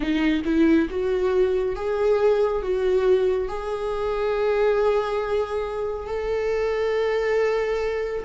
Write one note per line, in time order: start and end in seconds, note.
0.00 0.42 D#4
0.45 0.88 E4
0.89 1.75 F#4
1.75 2.62 G#4
2.62 3.48 F#4
3.48 6.07 G#4
6.07 8.24 A4